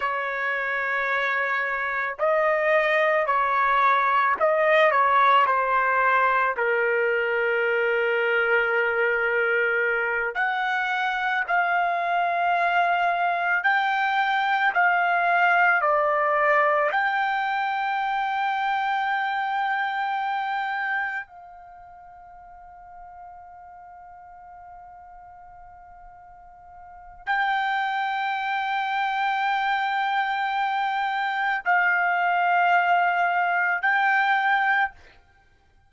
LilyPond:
\new Staff \with { instrumentName = "trumpet" } { \time 4/4 \tempo 4 = 55 cis''2 dis''4 cis''4 | dis''8 cis''8 c''4 ais'2~ | ais'4. fis''4 f''4.~ | f''8 g''4 f''4 d''4 g''8~ |
g''2.~ g''8 f''8~ | f''1~ | f''4 g''2.~ | g''4 f''2 g''4 | }